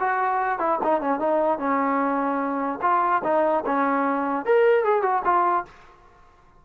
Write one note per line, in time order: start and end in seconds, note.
0.00 0.59 F#4
0.59 0.79 E4
0.84 1.01 D#4
1.01 1.20 C#4
1.20 1.59 D#4
1.59 2.79 C#4
2.82 3.22 F4
3.24 3.64 D#4
3.66 4.46 C#4
4.46 4.84 A#4
4.84 5.02 G#4
5.02 5.23 F#4
5.25 5.65 F4